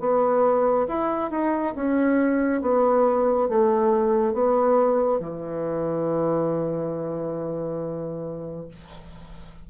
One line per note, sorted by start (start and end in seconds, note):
0.00 0.87 B3
0.88 1.31 E4
1.31 1.75 D#4
1.75 2.62 C#4
2.62 3.49 B3
3.49 4.34 A3
4.34 5.20 B3
5.20 8.68 E3